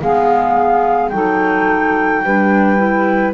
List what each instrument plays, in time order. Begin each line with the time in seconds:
0.00 double bass G#3, clarinet B3, saxophone G#4, flute F5
1.09 double bass F#3, clarinet D#4, saxophone A4, flute G5
2.24 double bass G3, clarinet D4, saxophone B4
2.78 clarinet E4